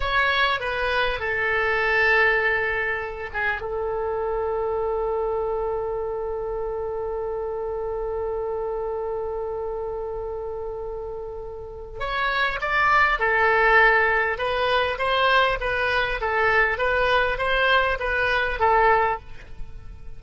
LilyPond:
\new Staff \with { instrumentName = "oboe" } { \time 4/4 \tempo 4 = 100 cis''4 b'4 a'2~ | a'4. gis'8 a'2~ | a'1~ | a'1~ |
a'1 | cis''4 d''4 a'2 | b'4 c''4 b'4 a'4 | b'4 c''4 b'4 a'4 | }